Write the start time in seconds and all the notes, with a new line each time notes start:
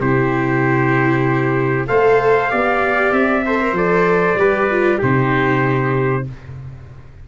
0.00 C3 E4 G4 C5
1.88 A3 A4 C5 F5
2.49 B3 G4 D5
3.12 C4 E5
3.46 A4 C5
3.61 A#4
3.72 F3 A4 D5
4.35 G3 G4 B4
4.70 F4
4.98 C3 D#4 G4 C5